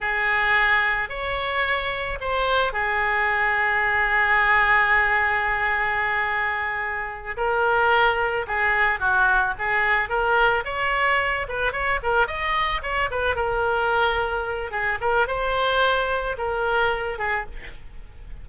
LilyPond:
\new Staff \with { instrumentName = "oboe" } { \time 4/4 \tempo 4 = 110 gis'2 cis''2 | c''4 gis'2.~ | gis'1~ | gis'4. ais'2 gis'8~ |
gis'8 fis'4 gis'4 ais'4 cis''8~ | cis''4 b'8 cis''8 ais'8 dis''4 cis''8 | b'8 ais'2~ ais'8 gis'8 ais'8 | c''2 ais'4. gis'8 | }